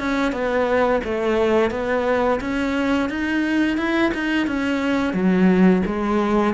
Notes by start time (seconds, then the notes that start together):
0.00 C#4
0.33 B3
1.05 A3
1.71 B3
2.41 C#4
3.10 D#4
3.78 E4
4.15 D#4
4.48 C#4
5.14 F#3
5.86 G#3